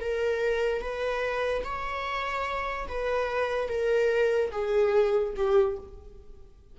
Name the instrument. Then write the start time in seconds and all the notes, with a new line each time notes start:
viola
0.00 A#4
0.81 B4
1.64 C#5
2.88 B4
3.68 A#4
4.51 G#4
5.36 G4